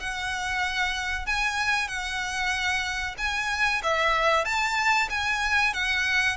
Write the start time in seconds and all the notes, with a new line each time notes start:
0.00 F#5
1.26 G#5
1.88 F#5
3.18 G#5
3.83 E5
4.45 A5
5.10 G#5
5.73 F#5